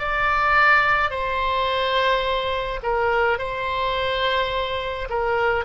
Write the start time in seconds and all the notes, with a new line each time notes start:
0.00 D5
1.11 C5
2.83 A#4
3.39 C5
5.10 A#4